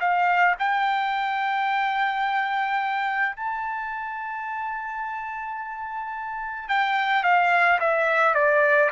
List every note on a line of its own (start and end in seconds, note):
0.00 0.56 F5
0.59 3.36 G5
3.36 6.69 A5
6.69 7.24 G5
7.24 7.79 F5
7.80 8.35 E5
8.35 8.90 D5